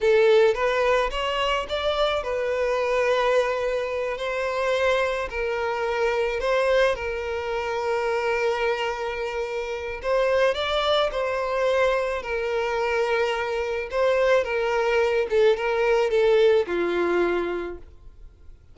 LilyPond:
\new Staff \with { instrumentName = "violin" } { \time 4/4 \tempo 4 = 108 a'4 b'4 cis''4 d''4 | b'2.~ b'8 c''8~ | c''4. ais'2 c''8~ | c''8 ais'2.~ ais'8~ |
ais'2 c''4 d''4 | c''2 ais'2~ | ais'4 c''4 ais'4. a'8 | ais'4 a'4 f'2 | }